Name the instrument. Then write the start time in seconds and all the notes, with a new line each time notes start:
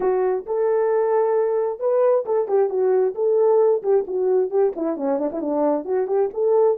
horn
0.00 F#4
0.46 A4
1.79 B4
2.25 A4
2.48 G4
2.69 F#4
3.15 A4
3.82 G4
4.07 F#4
4.50 G4
4.76 E4
4.96 C#4
5.19 D4
5.32 E4
5.40 D4
5.84 F#4
6.07 G4
6.33 A4